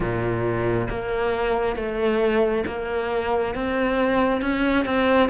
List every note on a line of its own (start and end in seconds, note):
0.00 0.88 A#2
0.89 1.76 A#3
1.76 2.64 A3
2.66 3.55 A#3
3.55 4.41 C4
4.41 4.85 C#4
4.85 5.29 C4